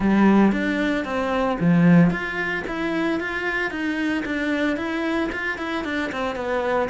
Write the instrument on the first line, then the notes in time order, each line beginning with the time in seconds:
cello
0.00 G3
0.52 D4
1.04 C4
1.60 F3
2.10 F4
2.67 E4
3.20 F4
3.70 D#4
4.25 D4
4.76 E4
5.31 F4
5.58 E4
5.84 D4
6.12 C4
6.35 B3